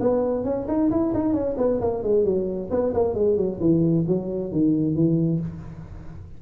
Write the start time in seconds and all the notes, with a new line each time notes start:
0.00 B3
0.44 C#4
0.67 D#4
0.90 E4
1.14 D#4
1.33 C#4
1.57 B3
1.81 A#3
2.03 G#3
2.25 F#3
2.70 B3
2.94 A#3
3.14 G#3
3.37 F#3
3.60 E3
4.07 F#3
4.52 D#3
4.95 E3